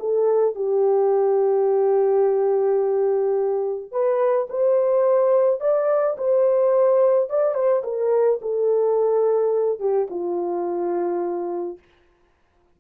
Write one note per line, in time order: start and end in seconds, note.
0.00 0.56 A4
0.56 3.92 G4
3.92 4.48 B4
4.50 5.61 C5
5.61 6.17 D5
6.18 7.30 C5
7.30 7.55 D5
7.55 7.83 C5
7.84 8.40 A#4
8.42 9.80 A4
9.80 10.08 G4
10.11 11.79 F4